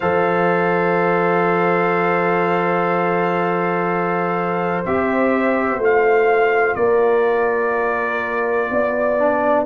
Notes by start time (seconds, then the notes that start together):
0.00 F3 A4 C5 F5
4.85 C4 G4 E5
5.77 A3 F4
5.83 F5
6.75 A#3 A#4 D5
8.70 B3 D5
9.19 D4